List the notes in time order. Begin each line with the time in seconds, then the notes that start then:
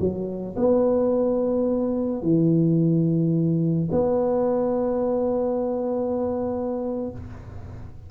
0.00 F#3
0.56 B3
2.22 E3
3.91 B3